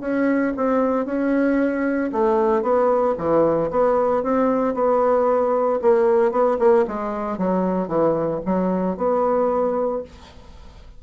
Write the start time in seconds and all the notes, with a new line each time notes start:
0.00 C#4
0.56 C4
1.05 C#4
2.12 A3
2.62 B3
3.17 E3
3.70 B3
4.23 C4
4.74 B3
5.82 A#3
6.31 B3
6.59 A#3
6.87 G#3
7.38 F#3
7.88 E3
8.45 F#3
8.97 B3